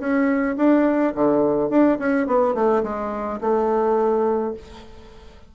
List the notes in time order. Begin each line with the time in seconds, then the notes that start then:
0.00 C#4
0.57 D4
1.15 D3
1.70 D4
1.99 C#4
2.27 B3
2.55 A3
2.84 G#3
3.41 A3